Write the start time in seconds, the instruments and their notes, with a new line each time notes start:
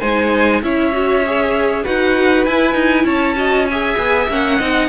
0.00 cello G#3, viola D#4, violin C5 G#5
0.62 cello C#4, viola E4, violin C#5 E5
0.93 viola F#4
1.26 viola G#4
1.84 cello D#4, viola F#4, violin B4 F#5
2.45 cello E4, viola E4, violin G#5
2.74 cello D#4
3.04 cello C#4, violin C#5 A5
3.36 viola F#4, violin D#5
3.66 viola G#4, violin E5 G#5
3.97 cello B3
4.29 cello A#3, viola C#4, violin F#5
4.57 cello C4, viola D#4, violin D#5